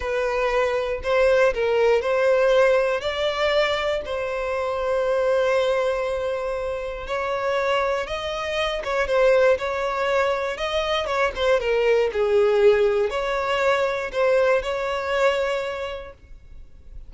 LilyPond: \new Staff \with { instrumentName = "violin" } { \time 4/4 \tempo 4 = 119 b'2 c''4 ais'4 | c''2 d''2 | c''1~ | c''2 cis''2 |
dis''4. cis''8 c''4 cis''4~ | cis''4 dis''4 cis''8 c''8 ais'4 | gis'2 cis''2 | c''4 cis''2. | }